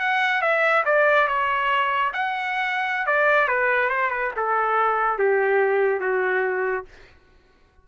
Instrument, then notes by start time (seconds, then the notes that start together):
trumpet
0.00 F#5
0.42 E5
0.86 D5
1.28 C#5
2.14 F#5
3.07 D5
3.48 B4
3.90 C5
4.11 B4
4.37 A4
5.19 G4
6.01 F#4